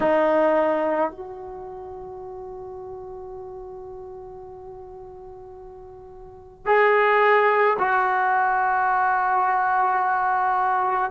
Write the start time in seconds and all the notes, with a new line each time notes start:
0.00 D#4
1.11 F#4
6.66 G#4
7.78 F#4